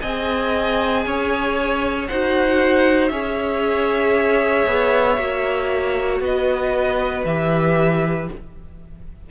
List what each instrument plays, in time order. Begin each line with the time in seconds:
0.00 cello C4, viola G#4, violin D#5 G#5
1.05 cello C#4, violin C#5
2.08 cello D#4, viola F#4, violin C5 F#5
3.08 cello C#4, viola G#4, violin C#5 E5
4.66 cello B3
5.17 cello A#3, viola F#4
6.20 cello B3, violin B4 D#5
7.25 cello E3, viola G4, violin E5